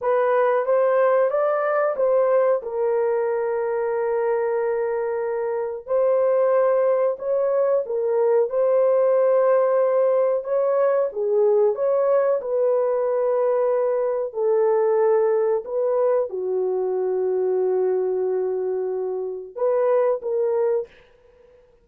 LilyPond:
\new Staff \with { instrumentName = "horn" } { \time 4/4 \tempo 4 = 92 b'4 c''4 d''4 c''4 | ais'1~ | ais'4 c''2 cis''4 | ais'4 c''2. |
cis''4 gis'4 cis''4 b'4~ | b'2 a'2 | b'4 fis'2.~ | fis'2 b'4 ais'4 | }